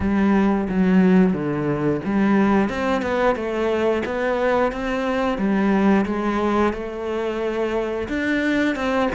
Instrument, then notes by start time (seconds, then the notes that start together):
cello
0.00 G3
0.69 F#3
1.33 D3
2.04 G3
2.69 C4
3.02 B3
3.35 A3
4.05 B3
4.72 C4
5.37 G3
6.05 G#3
6.73 A3
8.08 D4
8.75 C4